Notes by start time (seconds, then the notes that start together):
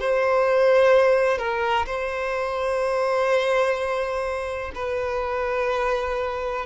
0.00 C5
1.38 A#4
1.86 C5
4.74 B4